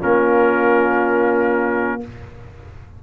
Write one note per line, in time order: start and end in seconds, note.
0.00 2.03 A#3
0.00 2.01 C#4
0.00 2.00 F4
0.00 2.02 A#4